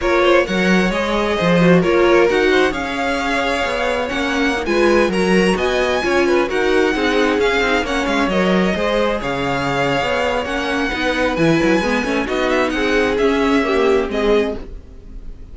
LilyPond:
<<
  \new Staff \with { instrumentName = "violin" } { \time 4/4 \tempo 4 = 132 cis''4 fis''4 dis''2 | cis''4 fis''4 f''2~ | f''4 fis''4~ fis''16 gis''4 ais''8.~ | ais''16 gis''2 fis''4.~ fis''16~ |
fis''16 f''4 fis''8 f''8 dis''4.~ dis''16~ | dis''16 f''2~ f''8. fis''4~ | fis''4 gis''2 dis''8 e''8 | fis''4 e''2 dis''4 | }
  \new Staff \with { instrumentName = "violin" } { \time 4/4 ais'8 c''8 cis''2 c''4 | ais'4. c''8 cis''2~ | cis''2~ cis''16 b'4 ais'8.~ | ais'16 dis''4 cis''8 b'8 ais'4 gis'8.~ |
gis'4~ gis'16 cis''2 c''8.~ | c''16 cis''2.~ cis''8. | b'2. fis'4 | gis'2 g'4 gis'4 | }
  \new Staff \with { instrumentName = "viola" } { \time 4/4 f'4 ais'4 gis'4. fis'8 | f'4 fis'4 gis'2~ | gis'4 cis'4 dis'16 f'4 fis'8.~ | fis'4~ fis'16 f'4 fis'4 dis'8.~ |
dis'16 cis'8 dis'8 cis'4 ais'4 gis'8.~ | gis'2. cis'4 | dis'4 e'4 b8 cis'8 dis'4~ | dis'4 cis'4 ais4 c'4 | }
  \new Staff \with { instrumentName = "cello" } { \time 4/4 ais4 fis4 gis4 f4 | ais4 dis'4 cis'2 | b4 ais4~ ais16 gis4 fis8.~ | fis16 b4 cis'4 dis'4 c'8.~ |
c'16 cis'8 c'8 ais8 gis8 fis4 gis8.~ | gis16 cis4.~ cis16 b4 ais4 | b4 e8 fis8 gis8 a8 b4 | c'4 cis'2 gis4 | }
>>